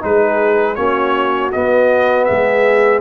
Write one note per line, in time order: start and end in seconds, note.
0.00 0.77 G#3
0.00 0.75 D#4
0.00 0.77 G#4
0.00 0.75 B4
0.75 1.52 A#3
0.75 1.51 C#4
0.75 2.26 F#4
0.75 1.50 C#5
1.52 3.01 B3
1.52 2.30 B3
1.52 2.25 D#5
2.25 3.01 G#3
2.25 3.01 G#4
2.25 3.00 E5